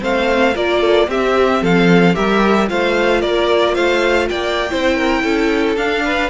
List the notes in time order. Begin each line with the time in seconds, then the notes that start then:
0.00 A3 C4 C5 F5
0.55 A#3 F4 A#4 D5
0.81 A4
1.07 C4 G4 E5
1.62 F3 A4 F5
2.14 G3 G4 A#4 E5
2.68 A3 F4 C5 F5
3.21 A#3 A#4 D5
3.75 A3 C5 F5
4.29 A#3 D5 G5
4.70 C4 E4 C5
4.96 A#4
5.23 C#4 A4
5.76 D4 F5
6.05 B4